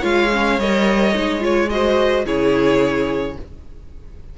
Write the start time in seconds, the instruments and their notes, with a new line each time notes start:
0.00 cello G#3, viola F4, violin C#5 F5
0.31 viola C#4
0.58 cello G3, viola A#4, violin D#5
1.14 cello G#3, viola D#4
1.39 viola F4, violin C#5
1.69 viola F#4, violin C5 D#5
2.25 cello C#3, viola E4, violin G#4 C#5